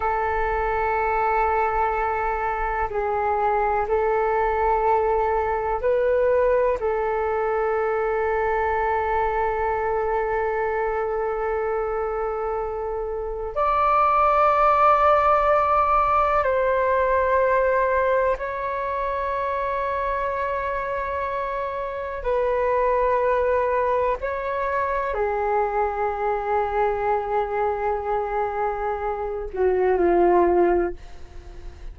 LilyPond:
\new Staff \with { instrumentName = "flute" } { \time 4/4 \tempo 4 = 62 a'2. gis'4 | a'2 b'4 a'4~ | a'1~ | a'2 d''2~ |
d''4 c''2 cis''4~ | cis''2. b'4~ | b'4 cis''4 gis'2~ | gis'2~ gis'8 fis'8 f'4 | }